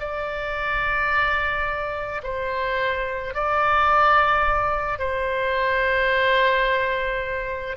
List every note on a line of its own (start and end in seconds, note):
0.00 2.22 D5
2.24 3.34 C5
3.34 4.99 D5
4.99 7.77 C5